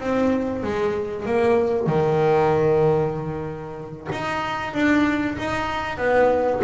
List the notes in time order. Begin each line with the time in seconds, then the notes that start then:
0.00 C4
0.63 G#3
1.26 A#3
1.87 D#3
4.12 D#4
4.74 D4
5.38 D#4
5.98 B3